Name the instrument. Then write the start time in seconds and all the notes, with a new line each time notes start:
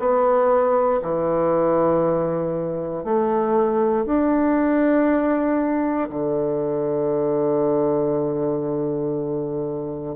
bassoon
0.00 B3
1.03 E3
3.05 A3
4.06 D4
6.10 D3